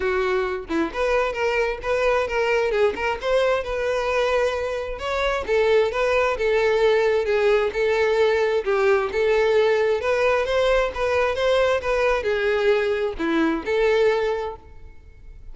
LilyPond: \new Staff \with { instrumentName = "violin" } { \time 4/4 \tempo 4 = 132 fis'4. e'8 b'4 ais'4 | b'4 ais'4 gis'8 ais'8 c''4 | b'2. cis''4 | a'4 b'4 a'2 |
gis'4 a'2 g'4 | a'2 b'4 c''4 | b'4 c''4 b'4 gis'4~ | gis'4 e'4 a'2 | }